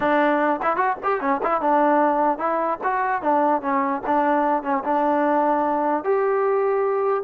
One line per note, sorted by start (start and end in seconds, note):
0.00 0.60 D4
0.62 0.76 E4
0.76 0.96 F#4
1.03 1.20 G4
1.20 1.40 C#4
1.43 1.61 E4
1.61 2.38 D4
2.38 2.78 E4
2.83 3.22 F#4
3.22 3.61 D4
3.61 4.01 C#4
4.06 4.63 D4
4.63 4.83 C#4
4.84 6.03 D4
6.03 7.24 G4